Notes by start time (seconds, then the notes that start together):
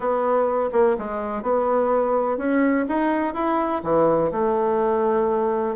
0.00 B3
0.72 A#3
0.98 G#3
1.42 B3
2.37 C#4
2.88 D#4
3.34 E4
3.83 E3
4.31 A3